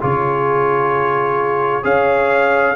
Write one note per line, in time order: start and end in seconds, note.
0.00 1.84 C#3
0.00 1.83 F4
0.00 1.84 G#4
0.00 1.85 C#5
1.83 2.76 C#4
1.83 2.75 G#4
1.83 2.76 C#5
1.83 2.76 F5